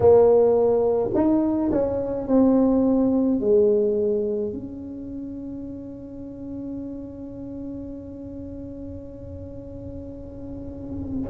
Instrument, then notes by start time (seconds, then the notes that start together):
tuba
0.00 A#3
1.14 D#4
1.71 C#4
2.27 C4
3.40 G#3
4.52 C#4